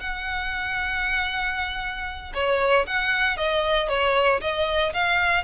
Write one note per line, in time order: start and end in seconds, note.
0.00 2.33 F#5
2.34 2.86 C#5
2.87 3.37 F#5
3.37 3.89 D#5
3.89 4.41 C#5
4.41 4.93 D#5
4.93 5.44 F5